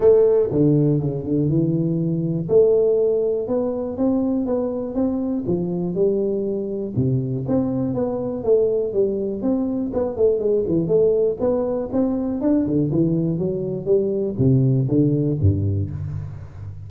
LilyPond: \new Staff \with { instrumentName = "tuba" } { \time 4/4 \tempo 4 = 121 a4 d4 cis8 d8 e4~ | e4 a2 b4 | c'4 b4 c'4 f4 | g2 c4 c'4 |
b4 a4 g4 c'4 | b8 a8 gis8 e8 a4 b4 | c'4 d'8 d8 e4 fis4 | g4 c4 d4 g,4 | }